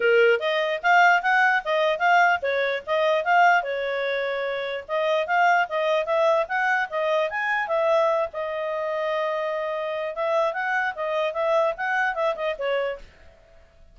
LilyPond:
\new Staff \with { instrumentName = "clarinet" } { \time 4/4 \tempo 4 = 148 ais'4 dis''4 f''4 fis''4 | dis''4 f''4 cis''4 dis''4 | f''4 cis''2. | dis''4 f''4 dis''4 e''4 |
fis''4 dis''4 gis''4 e''4~ | e''8 dis''2.~ dis''8~ | dis''4 e''4 fis''4 dis''4 | e''4 fis''4 e''8 dis''8 cis''4 | }